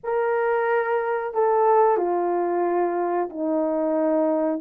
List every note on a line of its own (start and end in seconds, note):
0.03 1.34 A#4
1.34 1.97 A4
1.97 3.29 F4
3.29 4.60 D#4